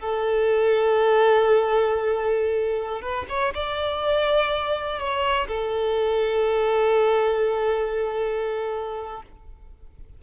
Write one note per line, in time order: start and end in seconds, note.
0.00 3.02 A4
3.02 3.26 B4
3.29 3.53 C#5
3.55 4.99 D5
4.99 5.48 C#5
5.48 9.23 A4